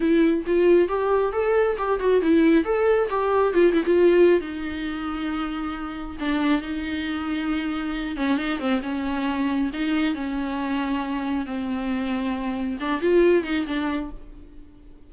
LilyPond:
\new Staff \with { instrumentName = "viola" } { \time 4/4 \tempo 4 = 136 e'4 f'4 g'4 a'4 | g'8 fis'8 e'4 a'4 g'4 | f'8 e'16 f'4~ f'16 dis'2~ | dis'2 d'4 dis'4~ |
dis'2~ dis'8 cis'8 dis'8 c'8 | cis'2 dis'4 cis'4~ | cis'2 c'2~ | c'4 d'8 f'4 dis'8 d'4 | }